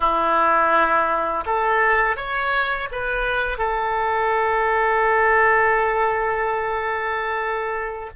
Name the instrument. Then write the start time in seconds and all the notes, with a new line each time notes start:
oboe
0.00 E4
1.46 A4
2.16 C#5
2.91 B4
3.58 A4